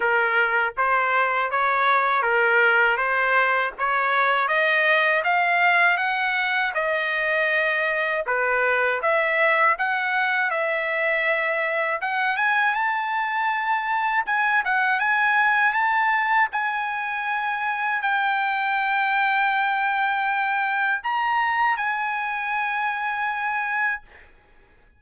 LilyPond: \new Staff \with { instrumentName = "trumpet" } { \time 4/4 \tempo 4 = 80 ais'4 c''4 cis''4 ais'4 | c''4 cis''4 dis''4 f''4 | fis''4 dis''2 b'4 | e''4 fis''4 e''2 |
fis''8 gis''8 a''2 gis''8 fis''8 | gis''4 a''4 gis''2 | g''1 | ais''4 gis''2. | }